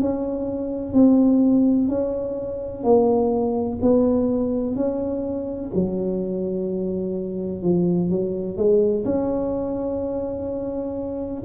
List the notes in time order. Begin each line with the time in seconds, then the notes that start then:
0.00 C#4
0.93 C4
1.88 C#4
2.83 A#3
3.81 B3
4.75 C#4
5.74 F#3
7.62 F3
8.10 F#3
8.57 G#3
9.05 C#4